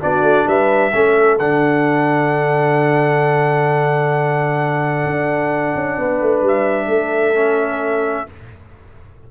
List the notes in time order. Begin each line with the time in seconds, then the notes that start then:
0.00 B3 D4 F#4 D5
0.22 A3
0.47 G3 B4 E5
0.93 A3 C#4 A4
1.38 D3 D4 F#5
5.06 D4
5.75 C#4
5.98 B3 B4
6.21 A3
6.42 G3 E5
6.87 A3 A4
7.35 C#4